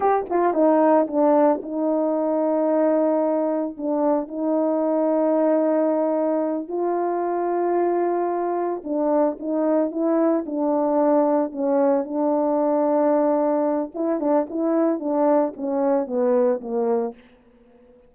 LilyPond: \new Staff \with { instrumentName = "horn" } { \time 4/4 \tempo 4 = 112 g'8 f'8 dis'4 d'4 dis'4~ | dis'2. d'4 | dis'1~ | dis'8 f'2.~ f'8~ |
f'8 d'4 dis'4 e'4 d'8~ | d'4. cis'4 d'4.~ | d'2 e'8 d'8 e'4 | d'4 cis'4 b4 ais4 | }